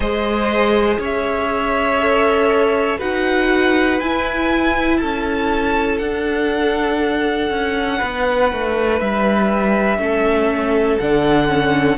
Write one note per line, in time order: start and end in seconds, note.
0.00 0.98 G#3
0.00 1.99 G#4
0.00 1.00 C5
0.00 0.97 D#5
0.99 2.99 C#4
0.99 2.98 C#5
0.99 3.00 E5
1.99 2.99 A4
2.98 4.00 D#4
2.98 3.99 F#4
2.98 4.98 B4
2.98 4.00 F#5
4.00 5.01 E4
4.00 6.00 E4
4.00 4.97 G#5
4.97 6.00 C#4
4.97 7.97 A4
4.97 5.97 A5
5.98 9.98 D4
5.98 7.50 D4
5.98 8.98 F#5
7.50 8.00 C#4
7.97 8.52 B3
7.97 9.97 B4
8.52 9.00 A3
9.00 9.98 G3
9.00 10.99 E5
9.98 10.98 A3
9.98 10.98 C#4
9.98 11.97 A4
10.99 11.97 D3
10.99 11.48 D4
10.99 11.97 F#5
11.48 11.97 C#4